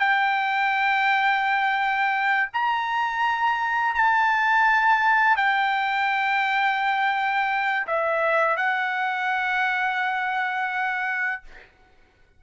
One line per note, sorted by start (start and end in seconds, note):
0.00 2.50 G5
2.54 3.95 A#5
3.95 5.37 A5
5.37 7.87 G5
7.87 8.57 E5
8.57 11.43 F#5